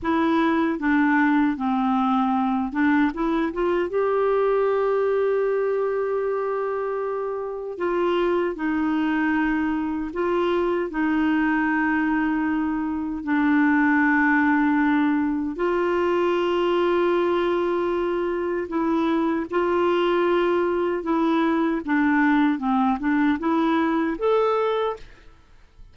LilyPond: \new Staff \with { instrumentName = "clarinet" } { \time 4/4 \tempo 4 = 77 e'4 d'4 c'4. d'8 | e'8 f'8 g'2.~ | g'2 f'4 dis'4~ | dis'4 f'4 dis'2~ |
dis'4 d'2. | f'1 | e'4 f'2 e'4 | d'4 c'8 d'8 e'4 a'4 | }